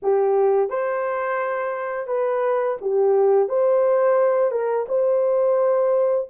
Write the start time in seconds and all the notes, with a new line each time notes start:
0.02 G4
0.69 C5
2.07 B4
2.81 G4
3.49 C5
4.51 A#4
4.88 C5